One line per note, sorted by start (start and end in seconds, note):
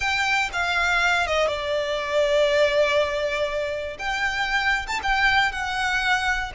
0.00 0.50 G5
0.53 1.26 F5
1.26 1.47 D#5
1.47 3.97 D5
3.98 4.86 G5
4.87 5.00 A5
5.02 5.51 G5
5.51 6.51 F#5